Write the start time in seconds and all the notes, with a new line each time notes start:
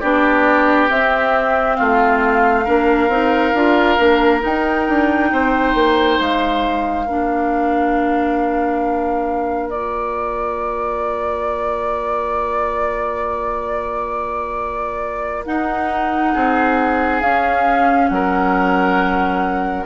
0.00 B3 D4 G4 D5
0.88 C4 E5
1.75 A3 F4 F5
2.64 A#3 D4 A#4
3.08 C4 D#4
3.53 D4 F4
3.97 A#3 D4
4.40 D#4 G5
4.88 D4
5.31 C4 C5
5.74 A#3
6.19 G#3 F5
7.05 A#3 D4 A#4
9.69 F4 D5
15.44 D#4 F#5
16.33 C4 G#4
17.20 C#4 F5
18.08 F#3 A#4 F#5